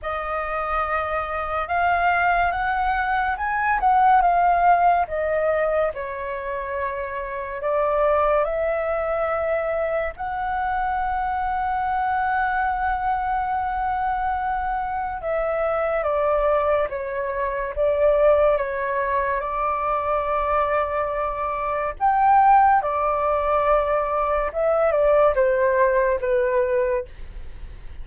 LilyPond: \new Staff \with { instrumentName = "flute" } { \time 4/4 \tempo 4 = 71 dis''2 f''4 fis''4 | gis''8 fis''8 f''4 dis''4 cis''4~ | cis''4 d''4 e''2 | fis''1~ |
fis''2 e''4 d''4 | cis''4 d''4 cis''4 d''4~ | d''2 g''4 d''4~ | d''4 e''8 d''8 c''4 b'4 | }